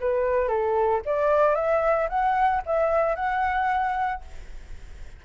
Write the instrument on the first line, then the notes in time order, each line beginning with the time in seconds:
flute
0.00 B4
0.48 A4
1.05 D5
1.54 E5
2.09 F#5
2.65 E5
3.15 F#5